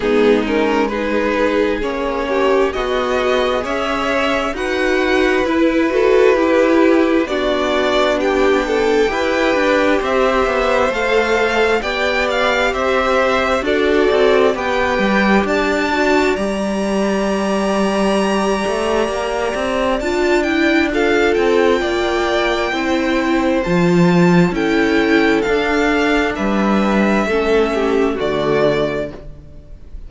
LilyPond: <<
  \new Staff \with { instrumentName = "violin" } { \time 4/4 \tempo 4 = 66 gis'8 ais'8 b'4 cis''4 dis''4 | e''4 fis''4 b'2 | d''4 g''2 e''4 | f''4 g''8 f''8 e''4 d''4 |
g''4 a''4 ais''2~ | ais''2 a''8 g''8 f''8 g''8~ | g''2 a''4 g''4 | f''4 e''2 d''4 | }
  \new Staff \with { instrumentName = "violin" } { \time 4/4 dis'4 gis'4. g'8 fis'4 | cis''4 b'4. a'8 g'4 | fis'4 g'8 a'8 b'4 c''4~ | c''4 d''4 c''4 a'4 |
b'4 d''2.~ | d''2. a'4 | d''4 c''2 a'4~ | a'4 b'4 a'8 g'8 fis'4 | }
  \new Staff \with { instrumentName = "viola" } { \time 4/4 b8 cis'8 dis'4 cis'4 gis'4~ | gis'4 fis'4 e'8 fis'8 e'4 | d'2 g'2 | a'4 g'2 fis'4 |
g'4. fis'8 g'2~ | g'2 f'8 e'8 f'4~ | f'4 e'4 f'4 e'4 | d'2 cis'4 a4 | }
  \new Staff \with { instrumentName = "cello" } { \time 4/4 gis2 ais4 b4 | cis'4 dis'4 e'2 | b2 e'8 d'8 c'8 b8 | a4 b4 c'4 d'8 c'8 |
b8 g8 d'4 g2~ | g8 a8 ais8 c'8 d'4. c'8 | ais4 c'4 f4 cis'4 | d'4 g4 a4 d4 | }
>>